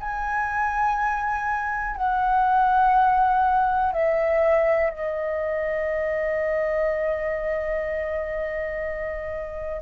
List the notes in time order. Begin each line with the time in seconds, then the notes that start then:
0.00 G#5
1.96 F#5
3.93 E5
4.90 D#5